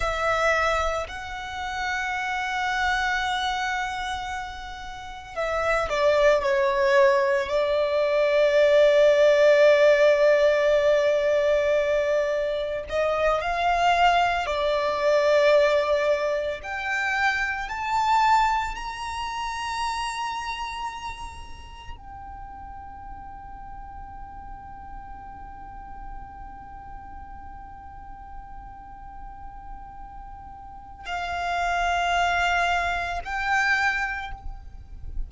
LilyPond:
\new Staff \with { instrumentName = "violin" } { \time 4/4 \tempo 4 = 56 e''4 fis''2.~ | fis''4 e''8 d''8 cis''4 d''4~ | d''1 | dis''8 f''4 d''2 g''8~ |
g''8 a''4 ais''2~ ais''8~ | ais''8 g''2.~ g''8~ | g''1~ | g''4 f''2 g''4 | }